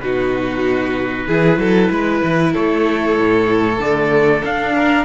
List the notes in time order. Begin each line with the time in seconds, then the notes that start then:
0.00 B2 D#4 F#4 B4
1.27 E3 E4 G#4
1.57 F#3 A4
1.90 G#3 B4
2.23 E3
2.53 A3 A4 C#5
3.19 A2
3.79 D3 A3 D5
4.44 D4 F5
4.75 A#4